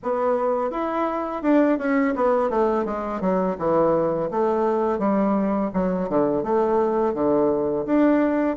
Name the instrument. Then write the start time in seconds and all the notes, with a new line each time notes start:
bassoon
0.02 B3
0.70 E4
1.42 D4
1.78 C#4
2.15 B3
2.50 A3
2.85 G#3
3.20 F#3
3.58 E3
4.31 A3
4.98 G3
5.73 F#3
6.09 D3
6.43 A3
7.14 D3
7.86 D4